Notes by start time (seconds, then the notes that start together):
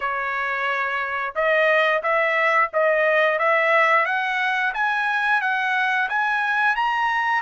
0.00 C#5
1.35 D#5
2.02 E5
2.73 D#5
3.38 E5
4.05 F#5
4.73 G#5
5.41 F#5
6.09 G#5
6.75 A#5